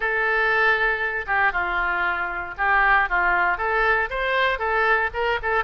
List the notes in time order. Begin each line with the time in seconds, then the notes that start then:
0.00 A4
1.26 G4
1.52 F4
2.57 G4
3.09 F4
3.57 A4
4.10 C5
4.58 A4
5.13 A#4
5.42 A4